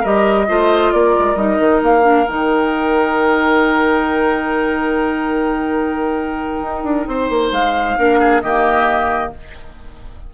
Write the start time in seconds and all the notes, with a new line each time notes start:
0.00 G3 G4 A#4 D#5
0.47 A3 F4 C5
0.92 A#3 A#4 D5
1.18 G#3
1.35 G3 D#4 D#5
1.59 D#3
1.82 A#3 F5
2.02 D4
2.27 D#3 D#4 G5
6.62 D#4
6.83 D4
7.07 C4 C5
7.29 A#3
7.51 G#3 F5
7.98 A#3 D4 A#4
8.19 G#4
8.41 D#3 A#3 G4 D#5